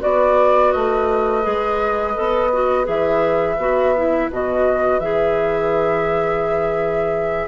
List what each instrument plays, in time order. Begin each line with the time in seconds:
0.00 bassoon B3, clarinet F#4, oboe B4, flute D5
0.72 bassoon A3, flute D#5
1.43 bassoon G#3, clarinet G#4
2.15 bassoon B3, clarinet A4
2.53 clarinet F#4
2.85 bassoon E3, clarinet G#4, flute E5
3.58 bassoon B3, clarinet F#4
3.97 clarinet E4
4.31 bassoon B2, clarinet F#4, flute D#5
5.00 bassoon E3, clarinet G#4, flute E5